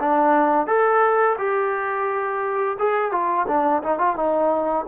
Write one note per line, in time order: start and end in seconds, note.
0.00 0.67 D4
0.67 1.37 A4
1.38 2.78 G4
2.79 3.12 G#4
3.12 3.47 F4
3.48 3.83 D4
3.83 3.99 D#4
3.99 4.16 F4
4.16 4.86 D#4